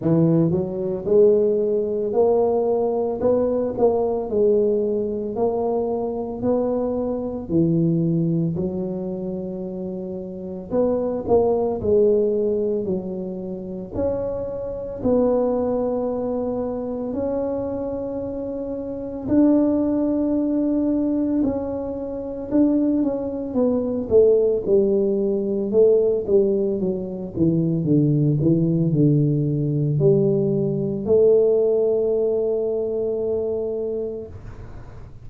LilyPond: \new Staff \with { instrumentName = "tuba" } { \time 4/4 \tempo 4 = 56 e8 fis8 gis4 ais4 b8 ais8 | gis4 ais4 b4 e4 | fis2 b8 ais8 gis4 | fis4 cis'4 b2 |
cis'2 d'2 | cis'4 d'8 cis'8 b8 a8 g4 | a8 g8 fis8 e8 d8 e8 d4 | g4 a2. | }